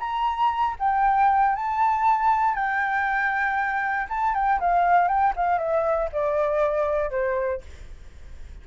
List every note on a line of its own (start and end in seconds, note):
0.00 0.76 A#5
0.80 1.56 G5
1.56 2.55 A5
2.55 4.08 G5
4.10 4.35 A5
4.35 4.60 G5
4.60 5.08 F5
5.08 5.34 G5
5.36 5.59 F5
5.59 6.10 E5
6.12 7.11 D5
7.11 7.62 C5